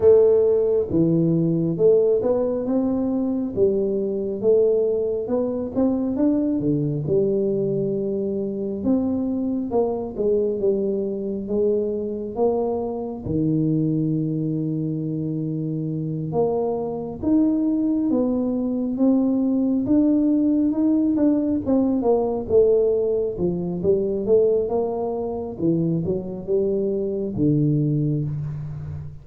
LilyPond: \new Staff \with { instrumentName = "tuba" } { \time 4/4 \tempo 4 = 68 a4 e4 a8 b8 c'4 | g4 a4 b8 c'8 d'8 d8 | g2 c'4 ais8 gis8 | g4 gis4 ais4 dis4~ |
dis2~ dis8 ais4 dis'8~ | dis'8 b4 c'4 d'4 dis'8 | d'8 c'8 ais8 a4 f8 g8 a8 | ais4 e8 fis8 g4 d4 | }